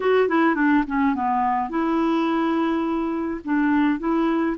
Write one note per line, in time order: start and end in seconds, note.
0.00 0.28 F#4
0.28 0.55 E4
0.55 0.84 D4
0.87 1.14 C#4
1.14 1.69 B3
1.69 3.41 E4
3.44 3.99 D4
3.99 4.56 E4